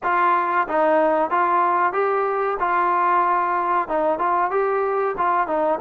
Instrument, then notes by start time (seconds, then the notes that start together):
trombone
0.03 F4
0.67 D#4
1.30 F4
1.92 G4
2.59 F4
3.88 D#4
4.18 F4
4.50 G4
5.17 F4
5.47 D#4